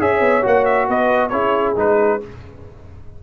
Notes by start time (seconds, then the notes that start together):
0.00 C#4 G#4 C#5 E5
0.20 B3
0.43 A#3 F#4 F#5
0.66 E5
0.88 B3 B4 D#5
1.29 C#4 E4 G#4 C#5
1.76 G#3 D#4 B4